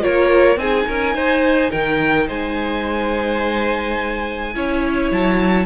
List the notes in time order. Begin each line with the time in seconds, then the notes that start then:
0.00 F4 A#4 C#5
0.07 A#3
0.56 C4 D#4 G#4 G#5
0.87 C#4 A#4
1.15 D#4 C5
1.70 D#3 A#4 G5
2.27 G#3 C5 G#5
4.54 C#4 E4 C#5
5.11 F#3 A5